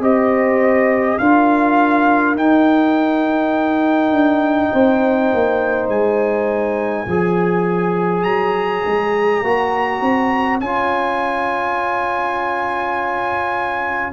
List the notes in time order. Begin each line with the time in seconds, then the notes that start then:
0.00 C4 G4 C5 D#5
1.18 D4 F4 A#4 F5
2.35 D#4 G5
4.11 D4
4.72 C4 C5
5.34 A#3
5.88 G#3 G#5
7.06 F3 G#4 C#5
8.23 F#3 A#5
8.86 G#3
9.41 A#3 F#4
10.02 C4
10.60 C#4 F4 G#5